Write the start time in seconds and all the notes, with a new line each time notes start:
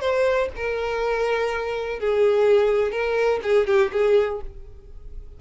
0.00 C5
0.56 A#4
1.99 G#4
2.91 A#4
3.43 G#4
3.67 G4
3.92 G#4